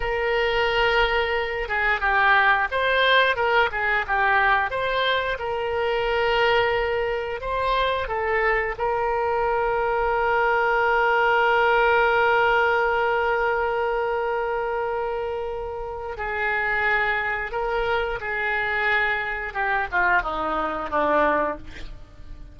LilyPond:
\new Staff \with { instrumentName = "oboe" } { \time 4/4 \tempo 4 = 89 ais'2~ ais'8 gis'8 g'4 | c''4 ais'8 gis'8 g'4 c''4 | ais'2. c''4 | a'4 ais'2.~ |
ais'1~ | ais'1 | gis'2 ais'4 gis'4~ | gis'4 g'8 f'8 dis'4 d'4 | }